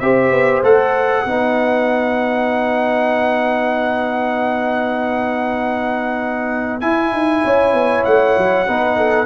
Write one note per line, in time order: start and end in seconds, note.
0.00 0.31 C4
0.00 0.64 G4
0.00 1.25 C5
0.00 0.62 E5
0.31 0.62 B3
0.63 1.25 A3
0.63 1.26 A4
0.63 6.81 F#5
1.25 6.82 B3
1.25 6.81 D#4
1.25 7.43 B4
6.81 8.67 E4
6.81 7.13 E4
6.81 8.05 G#5
7.13 7.44 D#4
7.45 7.74 C#4
7.45 8.68 C#5
7.74 8.05 B3
8.05 8.38 A3
8.05 9.27 F#5
8.38 8.68 F#3
8.68 9.27 B3
8.68 9.27 D#4
8.68 8.98 B4
8.98 9.27 A4